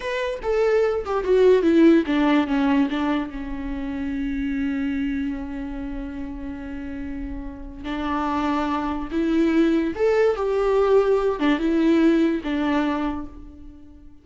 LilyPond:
\new Staff \with { instrumentName = "viola" } { \time 4/4 \tempo 4 = 145 b'4 a'4. g'8 fis'4 | e'4 d'4 cis'4 d'4 | cis'1~ | cis'1~ |
cis'2. d'4~ | d'2 e'2 | a'4 g'2~ g'8 d'8 | e'2 d'2 | }